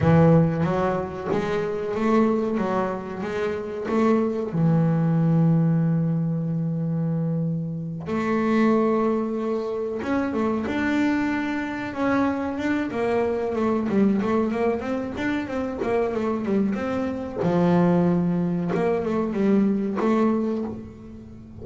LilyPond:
\new Staff \with { instrumentName = "double bass" } { \time 4/4 \tempo 4 = 93 e4 fis4 gis4 a4 | fis4 gis4 a4 e4~ | e1~ | e8 a2. cis'8 |
a8 d'2 cis'4 d'8 | ais4 a8 g8 a8 ais8 c'8 d'8 | c'8 ais8 a8 g8 c'4 f4~ | f4 ais8 a8 g4 a4 | }